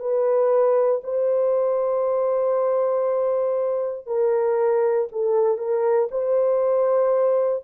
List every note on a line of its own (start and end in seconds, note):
0.00 1.02 B4
1.04 4.07 C5
4.07 5.08 A#4
5.12 5.57 A4
5.57 6.08 A#4
6.11 7.64 C5